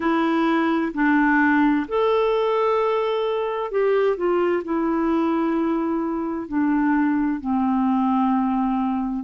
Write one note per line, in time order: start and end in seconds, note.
0.00 0.92 E4
0.94 1.86 D4
1.88 3.71 A4
3.71 4.16 G4
4.16 4.62 F4
4.64 6.48 E4
6.48 7.40 D4
7.40 9.24 C4